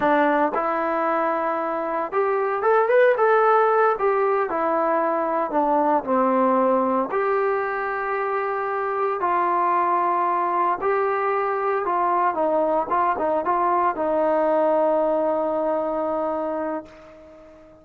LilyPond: \new Staff \with { instrumentName = "trombone" } { \time 4/4 \tempo 4 = 114 d'4 e'2. | g'4 a'8 b'8 a'4. g'8~ | g'8 e'2 d'4 c'8~ | c'4. g'2~ g'8~ |
g'4. f'2~ f'8~ | f'8 g'2 f'4 dis'8~ | dis'8 f'8 dis'8 f'4 dis'4.~ | dis'1 | }